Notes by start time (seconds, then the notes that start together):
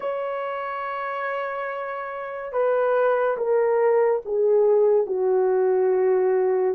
0.00 C#5
2.52 B4
3.37 A#4
4.25 G#4
5.06 F#4